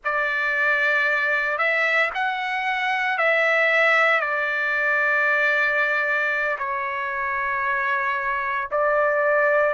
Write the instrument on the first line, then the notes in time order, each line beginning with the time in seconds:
trumpet
0.04 D5
1.57 E5
2.14 F#5
3.18 E5
4.20 D5
6.58 C#5
8.71 D5